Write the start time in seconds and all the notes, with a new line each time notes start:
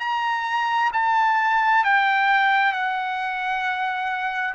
0.00 A#5
0.93 A5
1.84 G5
2.73 F#5